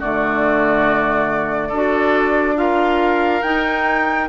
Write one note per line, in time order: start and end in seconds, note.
0.00 1.71 D3
0.00 1.74 A3
0.00 1.69 F#4
0.00 2.58 D5
1.69 3.42 D4
1.69 2.56 F#4
1.69 2.55 A4
2.56 3.42 F4
2.56 4.30 A#4
2.56 3.42 F5
3.42 4.29 D#4
3.42 4.30 D#4
3.42 4.28 G5